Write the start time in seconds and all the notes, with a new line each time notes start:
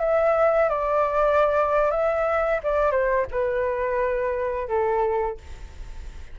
0.00 E5
0.70 D5
1.91 E5
2.64 D5
2.92 C5
3.32 B4
4.68 A4